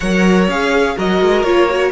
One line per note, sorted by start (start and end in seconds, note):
0.00 0.47 F#3
0.00 0.50 A#4
0.00 0.95 C#5
0.00 0.47 F#5
0.47 0.95 C#4
0.47 0.97 G#4
0.47 0.97 F5
0.95 1.21 F#3
0.95 1.44 F#4
0.95 1.91 A#4
0.95 1.43 D#5
1.21 1.43 G#3
1.43 1.91 A#3
1.43 1.68 F4
1.43 1.91 C#5
1.69 1.91 F#4